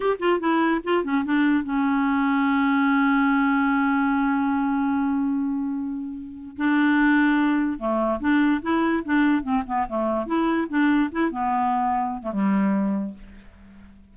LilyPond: \new Staff \with { instrumentName = "clarinet" } { \time 4/4 \tempo 4 = 146 g'8 f'8 e'4 f'8 cis'8 d'4 | cis'1~ | cis'1~ | cis'1 |
d'2. a4 | d'4 e'4 d'4 c'8 b8 | a4 e'4 d'4 e'8 b8~ | b4.~ b16 a16 g2 | }